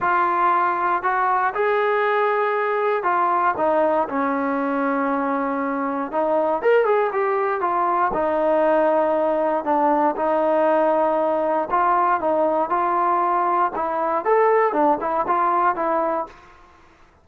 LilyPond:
\new Staff \with { instrumentName = "trombone" } { \time 4/4 \tempo 4 = 118 f'2 fis'4 gis'4~ | gis'2 f'4 dis'4 | cis'1 | dis'4 ais'8 gis'8 g'4 f'4 |
dis'2. d'4 | dis'2. f'4 | dis'4 f'2 e'4 | a'4 d'8 e'8 f'4 e'4 | }